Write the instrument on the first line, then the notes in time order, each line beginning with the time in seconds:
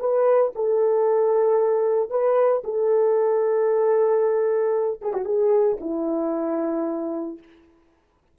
horn
0.00 B4
0.56 A4
2.10 B4
2.64 A4
5.02 G#4
5.13 F#4
5.25 G#4
5.81 E4